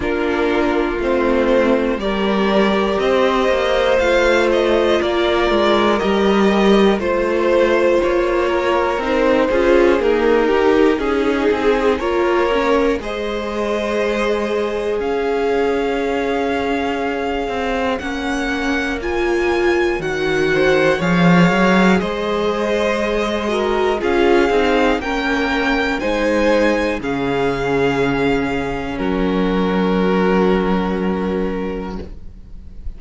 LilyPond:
<<
  \new Staff \with { instrumentName = "violin" } { \time 4/4 \tempo 4 = 60 ais'4 c''4 d''4 dis''4 | f''8 dis''8 d''4 dis''4 c''4 | cis''4 c''4 ais'4 gis'4 | cis''4 dis''2 f''4~ |
f''2 fis''4 gis''4 | fis''4 f''4 dis''2 | f''4 g''4 gis''4 f''4~ | f''4 ais'2. | }
  \new Staff \with { instrumentName = "violin" } { \time 4/4 f'2 ais'4 c''4~ | c''4 ais'2 c''4~ | c''8 ais'4 gis'4 g'8 gis'4 | ais'4 c''2 cis''4~ |
cis''1~ | cis''8 c''8 cis''4 c''4. ais'8 | gis'4 ais'4 c''4 gis'4~ | gis'4 fis'2. | }
  \new Staff \with { instrumentName = "viola" } { \time 4/4 d'4 c'4 g'2 | f'2 g'4 f'4~ | f'4 dis'8 f'8 ais8 dis'4. | f'8 cis'8 gis'2.~ |
gis'2 cis'4 f'4 | fis'4 gis'2~ gis'8 fis'8 | f'8 dis'8 cis'4 dis'4 cis'4~ | cis'1 | }
  \new Staff \with { instrumentName = "cello" } { \time 4/4 ais4 a4 g4 c'8 ais8 | a4 ais8 gis8 g4 a4 | ais4 c'8 cis'8 dis'4 cis'8 c'8 | ais4 gis2 cis'4~ |
cis'4. c'8 ais2 | dis4 f8 fis8 gis2 | cis'8 c'8 ais4 gis4 cis4~ | cis4 fis2. | }
>>